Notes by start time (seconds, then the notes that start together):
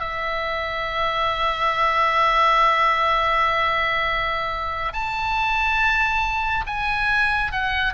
0.00 E5
4.93 A5
6.67 G#5
7.52 F#5